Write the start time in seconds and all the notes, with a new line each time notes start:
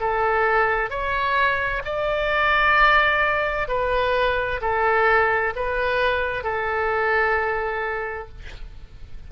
0.00 A4
0.90 C#5
1.85 D5
3.68 B4
4.61 A4
5.56 B4
6.44 A4